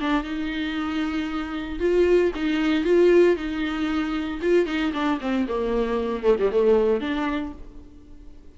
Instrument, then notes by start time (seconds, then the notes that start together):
viola
0.00 D4
0.23 D#4
1.80 F4
2.35 D#4
2.84 F4
3.36 D#4
4.42 F4
4.66 D#4
4.93 D4
5.20 C4
5.48 A#3
6.23 A3
6.39 G3
6.51 A3
7.01 D4